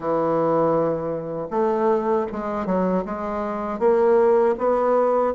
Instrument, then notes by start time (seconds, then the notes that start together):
bassoon
0.00 E3
1.50 A3
2.32 G#3
2.66 F#3
3.05 G#3
3.79 A#3
4.58 B3